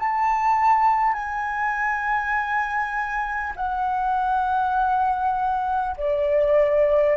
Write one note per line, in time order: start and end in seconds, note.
0.00 1.13 A5
1.13 3.53 G#5
3.56 5.96 F#5
5.97 7.17 D5